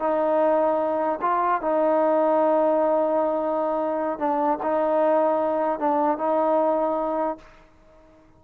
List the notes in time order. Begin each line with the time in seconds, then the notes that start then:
0.00 D#4
1.22 F4
1.62 D#4
4.19 D4
4.63 D#4
5.80 D4
6.18 D#4